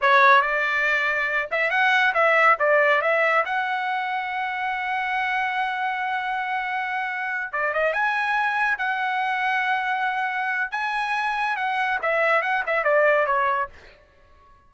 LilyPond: \new Staff \with { instrumentName = "trumpet" } { \time 4/4 \tempo 4 = 140 cis''4 d''2~ d''8 e''8 | fis''4 e''4 d''4 e''4 | fis''1~ | fis''1~ |
fis''4. d''8 dis''8 gis''4.~ | gis''8 fis''2.~ fis''8~ | fis''4 gis''2 fis''4 | e''4 fis''8 e''8 d''4 cis''4 | }